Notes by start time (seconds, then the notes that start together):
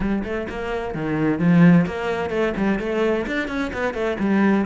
0.00 G3
0.24 A3
0.49 A#3
0.94 D#3
1.39 F3
1.86 A#3
2.29 A3
2.56 G3
2.79 A3
3.26 D4
3.48 C#4
3.73 B3
3.94 A3
4.19 G3